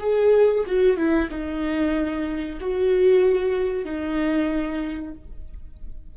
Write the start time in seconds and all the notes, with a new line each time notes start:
0.00 G#4
0.66 F#4
0.97 E4
1.31 D#4
2.61 F#4
3.85 D#4